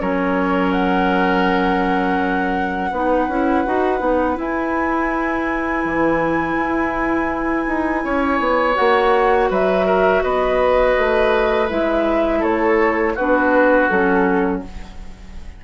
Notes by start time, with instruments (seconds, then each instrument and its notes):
0.00 bassoon F#3, clarinet C#4, oboe A#4, flute C#5
0.72 flute F#5
2.91 bassoon B3, clarinet D#4, oboe B4
3.28 bassoon C#4, clarinet E4
3.66 bassoon D#4, clarinet F#4
3.99 bassoon B3, clarinet D#4
4.36 clarinet E4, bassoon E4, flute G#5
5.85 bassoon E3
6.57 bassoon E4
7.68 bassoon D#4
8.05 bassoon C#4, oboe C#5
8.40 bassoon B3
8.75 bassoon A#3, clarinet F#4, flute F#5
9.50 bassoon F#3, oboe B4, flute E5
9.86 oboe A#4
10.23 bassoon B3, oboe B4, flute D#5
10.98 bassoon A3
11.69 bassoon G#3, clarinet E4, flute E5
12.40 bassoon A3, oboe A4, flute C#5
13.15 bassoon B3, clarinet D4, oboe F#4, flute B4
13.89 bassoon F#3, clarinet C#4, flute A4